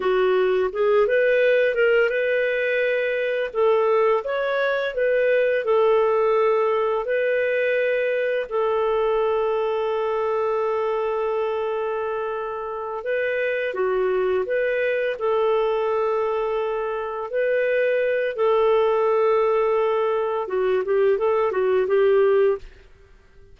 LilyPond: \new Staff \with { instrumentName = "clarinet" } { \time 4/4 \tempo 4 = 85 fis'4 gis'8 b'4 ais'8 b'4~ | b'4 a'4 cis''4 b'4 | a'2 b'2 | a'1~ |
a'2~ a'8 b'4 fis'8~ | fis'8 b'4 a'2~ a'8~ | a'8 b'4. a'2~ | a'4 fis'8 g'8 a'8 fis'8 g'4 | }